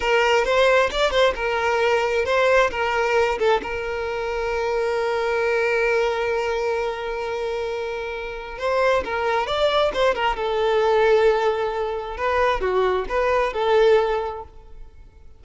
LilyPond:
\new Staff \with { instrumentName = "violin" } { \time 4/4 \tempo 4 = 133 ais'4 c''4 d''8 c''8 ais'4~ | ais'4 c''4 ais'4. a'8 | ais'1~ | ais'1~ |
ais'2. c''4 | ais'4 d''4 c''8 ais'8 a'4~ | a'2. b'4 | fis'4 b'4 a'2 | }